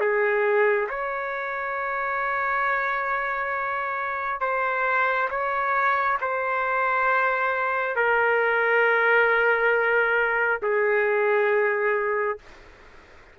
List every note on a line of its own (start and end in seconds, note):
0.00 0.88 G#4
0.89 4.41 C#5
4.41 5.29 C5
5.30 6.18 C#5
6.21 7.96 C5
7.96 10.60 A#4
10.62 12.39 G#4